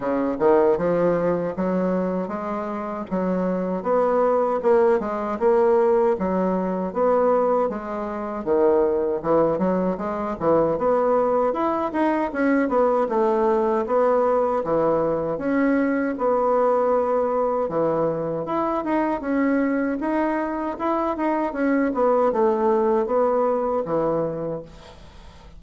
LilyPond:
\new Staff \with { instrumentName = "bassoon" } { \time 4/4 \tempo 4 = 78 cis8 dis8 f4 fis4 gis4 | fis4 b4 ais8 gis8 ais4 | fis4 b4 gis4 dis4 | e8 fis8 gis8 e8 b4 e'8 dis'8 |
cis'8 b8 a4 b4 e4 | cis'4 b2 e4 | e'8 dis'8 cis'4 dis'4 e'8 dis'8 | cis'8 b8 a4 b4 e4 | }